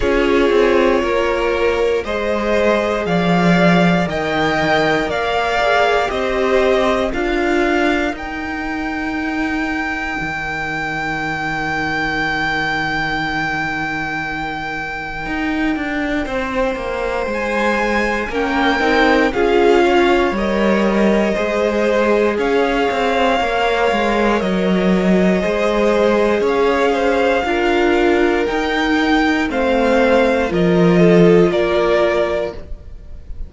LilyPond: <<
  \new Staff \with { instrumentName = "violin" } { \time 4/4 \tempo 4 = 59 cis''2 dis''4 f''4 | g''4 f''4 dis''4 f''4 | g''1~ | g''1~ |
g''4 gis''4 g''4 f''4 | dis''2 f''2 | dis''2 f''2 | g''4 f''4 dis''4 d''4 | }
  \new Staff \with { instrumentName = "violin" } { \time 4/4 gis'4 ais'4 c''4 d''4 | dis''4 d''4 c''4 ais'4~ | ais'1~ | ais'1 |
c''2 ais'4 gis'8 cis''8~ | cis''4 c''4 cis''2~ | cis''4 c''4 cis''8 c''8 ais'4~ | ais'4 c''4 ais'8 a'8 ais'4 | }
  \new Staff \with { instrumentName = "viola" } { \time 4/4 f'2 gis'2 | ais'4. gis'8 g'4 f'4 | dis'1~ | dis'1~ |
dis'2 cis'8 dis'8 f'4 | ais'4 gis'2 ais'4~ | ais'4 gis'2 f'4 | dis'4 c'4 f'2 | }
  \new Staff \with { instrumentName = "cello" } { \time 4/4 cis'8 c'8 ais4 gis4 f4 | dis4 ais4 c'4 d'4 | dis'2 dis2~ | dis2. dis'8 d'8 |
c'8 ais8 gis4 ais8 c'8 cis'4 | g4 gis4 cis'8 c'8 ais8 gis8 | fis4 gis4 cis'4 d'4 | dis'4 a4 f4 ais4 | }
>>